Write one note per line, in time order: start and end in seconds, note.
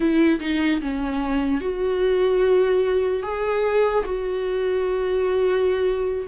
0.00 0.39 E4
0.40 0.80 D#4
0.81 1.60 C#4
1.60 3.22 F#4
3.22 4.04 G#4
4.04 6.27 F#4